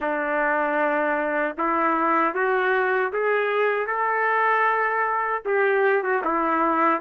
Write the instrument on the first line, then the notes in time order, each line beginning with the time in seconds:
trumpet
0.00 D4
1.57 E4
2.34 F#4
3.12 G#4
3.86 A4
5.45 G4
6.02 F#4
6.24 E4